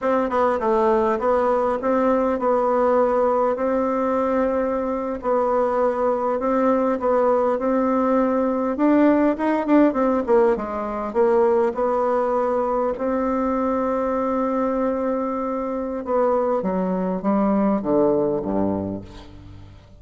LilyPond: \new Staff \with { instrumentName = "bassoon" } { \time 4/4 \tempo 4 = 101 c'8 b8 a4 b4 c'4 | b2 c'2~ | c'8. b2 c'4 b16~ | b8. c'2 d'4 dis'16~ |
dis'16 d'8 c'8 ais8 gis4 ais4 b16~ | b4.~ b16 c'2~ c'16~ | c'2. b4 | fis4 g4 d4 g,4 | }